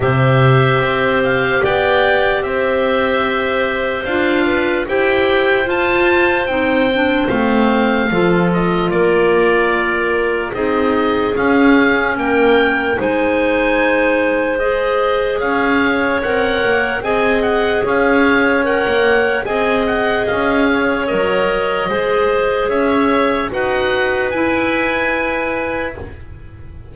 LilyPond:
<<
  \new Staff \with { instrumentName = "oboe" } { \time 4/4 \tempo 4 = 74 e''4. f''8 g''4 e''4~ | e''4 f''4 g''4 a''4 | g''4 f''4. dis''8 d''4~ | d''4 dis''4 f''4 g''4 |
gis''2 dis''4 f''4 | fis''4 gis''8 fis''8 f''4 fis''4 | gis''8 fis''8 f''4 dis''2 | e''4 fis''4 gis''2 | }
  \new Staff \with { instrumentName = "clarinet" } { \time 4/4 c''2 d''4 c''4~ | c''4. b'8 c''2~ | c''2 a'4 ais'4~ | ais'4 gis'2 ais'4 |
c''2. cis''4~ | cis''4 dis''4 cis''2 | dis''4. cis''4. c''4 | cis''4 b'2. | }
  \new Staff \with { instrumentName = "clarinet" } { \time 4/4 g'1~ | g'4 f'4 g'4 f'4 | dis'8 d'8 c'4 f'2~ | f'4 dis'4 cis'2 |
dis'2 gis'2 | ais'4 gis'2 ais'4 | gis'2 ais'4 gis'4~ | gis'4 fis'4 e'2 | }
  \new Staff \with { instrumentName = "double bass" } { \time 4/4 c4 c'4 b4 c'4~ | c'4 d'4 e'4 f'4 | c'4 a4 f4 ais4~ | ais4 c'4 cis'4 ais4 |
gis2. cis'4 | c'8 ais8 c'4 cis'4~ cis'16 ais8. | c'4 cis'4 fis4 gis4 | cis'4 dis'4 e'2 | }
>>